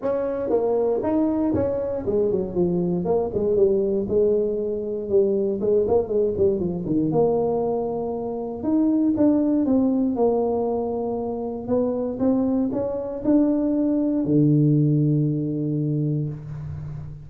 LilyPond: \new Staff \with { instrumentName = "tuba" } { \time 4/4 \tempo 4 = 118 cis'4 ais4 dis'4 cis'4 | gis8 fis8 f4 ais8 gis8 g4 | gis2 g4 gis8 ais8 | gis8 g8 f8 dis8 ais2~ |
ais4 dis'4 d'4 c'4 | ais2. b4 | c'4 cis'4 d'2 | d1 | }